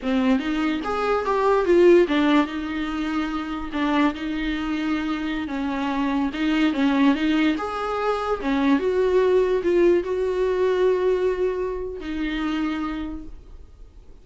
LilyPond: \new Staff \with { instrumentName = "viola" } { \time 4/4 \tempo 4 = 145 c'4 dis'4 gis'4 g'4 | f'4 d'4 dis'2~ | dis'4 d'4 dis'2~ | dis'4~ dis'16 cis'2 dis'8.~ |
dis'16 cis'4 dis'4 gis'4.~ gis'16~ | gis'16 cis'4 fis'2 f'8.~ | f'16 fis'2.~ fis'8.~ | fis'4 dis'2. | }